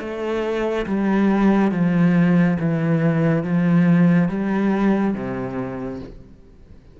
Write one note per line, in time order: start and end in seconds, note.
0.00 0.86 A3
0.86 1.72 G3
1.72 2.58 F3
2.60 3.43 E3
3.43 4.29 F3
4.29 5.14 G3
5.14 6.00 C3